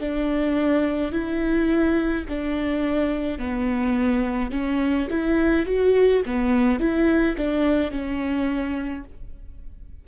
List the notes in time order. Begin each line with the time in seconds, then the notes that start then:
0.00 D4
1.12 E4
2.29 D4
3.39 B3
4.51 C#4
5.10 E4
5.66 F#4
6.26 B3
6.80 E4
7.37 D4
7.91 C#4